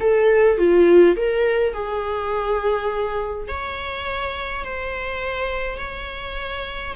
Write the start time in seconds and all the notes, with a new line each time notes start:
0.00 A4
0.58 F4
1.17 A#4
1.74 G#4
3.48 C#5
4.64 C5
5.79 C#5